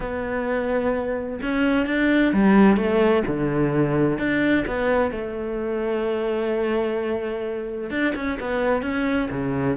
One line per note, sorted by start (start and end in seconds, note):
0.00 1.40 B3
1.42 1.86 C#4
1.86 2.33 D4
2.33 2.76 G3
2.76 3.23 A3
3.27 4.18 D3
4.18 4.64 D4
4.66 5.11 B3
5.11 7.90 A3
7.90 8.13 D4
8.15 8.38 C#4
8.40 8.82 B3
8.82 9.28 C#4
9.30 9.76 C#3